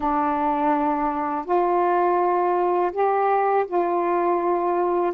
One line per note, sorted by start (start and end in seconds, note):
0.00 1.45 D4
1.45 2.91 F4
2.92 3.65 G4
3.67 5.13 F4